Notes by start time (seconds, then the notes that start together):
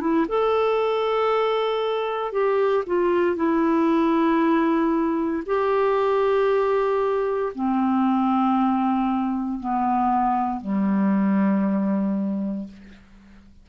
0.00 E4
0.28 A4
2.32 G4
2.86 F4
3.36 E4
5.46 G4
7.55 C4
9.59 B3
10.61 G3